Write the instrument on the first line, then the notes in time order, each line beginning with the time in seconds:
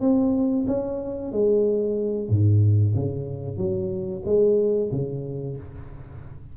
tuba
0.00 C4
0.67 C#4
1.32 G#3
2.29 G#2
2.94 C#3
3.57 F#3
4.25 G#3
4.91 C#3